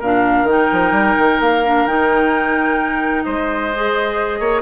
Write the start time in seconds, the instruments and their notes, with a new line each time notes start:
0.00 bassoon A#2, clarinet D4, oboe A#4, flute F5
0.44 bassoon D#3, clarinet D#4
0.50 flute G5
0.72 bassoon F3
0.92 bassoon G3
1.19 bassoon D#3
1.41 bassoon A#3, flute F5
1.65 clarinet D4
1.86 bassoon D#3, clarinet D#4, flute G5
3.24 bassoon G#3, oboe C5, flute D#5
3.75 clarinet G#4
4.40 bassoon A#3, oboe C#5